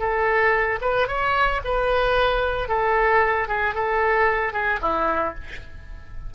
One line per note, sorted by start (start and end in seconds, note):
0.00 0.80 A4
0.82 1.08 B4
1.08 1.61 C#5
1.65 2.69 B4
2.69 3.48 A4
3.48 3.75 G#4
3.75 4.53 A4
4.53 4.80 G#4
4.82 5.35 E4